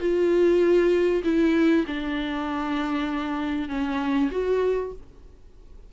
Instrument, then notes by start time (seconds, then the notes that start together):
viola
0.00 F4
1.24 E4
1.87 D4
3.69 C#4
4.32 F#4